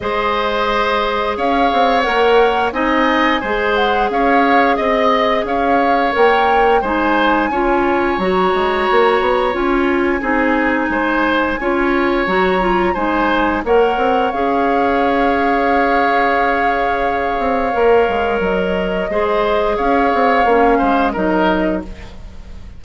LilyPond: <<
  \new Staff \with { instrumentName = "flute" } { \time 4/4 \tempo 4 = 88 dis''2 f''4 fis''4 | gis''4. fis''8 f''4 dis''4 | f''4 g''4 gis''2 | ais''2 gis''2~ |
gis''2 ais''4 gis''4 | fis''4 f''2.~ | f''2. dis''4~ | dis''4 f''2 dis''4 | }
  \new Staff \with { instrumentName = "oboe" } { \time 4/4 c''2 cis''2 | dis''4 c''4 cis''4 dis''4 | cis''2 c''4 cis''4~ | cis''2. gis'4 |
c''4 cis''2 c''4 | cis''1~ | cis''1 | c''4 cis''4. c''8 ais'4 | }
  \new Staff \with { instrumentName = "clarinet" } { \time 4/4 gis'2. ais'4 | dis'4 gis'2.~ | gis'4 ais'4 dis'4 f'4 | fis'2 f'4 dis'4~ |
dis'4 f'4 fis'8 f'8 dis'4 | ais'4 gis'2.~ | gis'2 ais'2 | gis'2 cis'4 dis'4 | }
  \new Staff \with { instrumentName = "bassoon" } { \time 4/4 gis2 cis'8 c'8 ais4 | c'4 gis4 cis'4 c'4 | cis'4 ais4 gis4 cis'4 | fis8 gis8 ais8 b8 cis'4 c'4 |
gis4 cis'4 fis4 gis4 | ais8 c'8 cis'2.~ | cis'4. c'8 ais8 gis8 fis4 | gis4 cis'8 c'8 ais8 gis8 fis4 | }
>>